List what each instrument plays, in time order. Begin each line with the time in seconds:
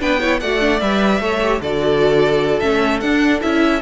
0.00 cello B3, viola D4, violin B4 G5
0.20 viola E4, violin C#5
0.40 cello A3, viola F#4, violin D5 F#5
0.60 viola D4
0.80 cello G3, viola B4, violin E5
1.20 cello A3, viola A4, violin C#5
1.42 viola G4
1.61 cello D3, viola F#4, violin A4 D5
2.60 cello A3, viola C#4, violin E5
3.00 cello D4, viola D4, violin F#5
3.41 cello C#4, viola E4, violin E5